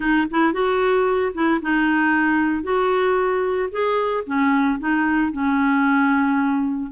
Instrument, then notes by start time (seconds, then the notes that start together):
clarinet
0.00 D#4
0.30 E4
0.53 F#4
1.34 E4
1.62 D#4
2.63 F#4
3.71 G#4
4.26 C#4
4.79 D#4
5.32 C#4